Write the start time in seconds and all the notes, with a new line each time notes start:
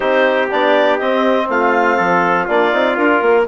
0.00 C4 D#4 G4 C5
0.51 B3 D4 D5
0.98 C4 D#5
1.48 A3 F4 F5
1.97 F3 A4
2.44 A#3 D4 F4 D5
2.72 C4 D#4
2.94 D4 F4 A#4
3.21 A#3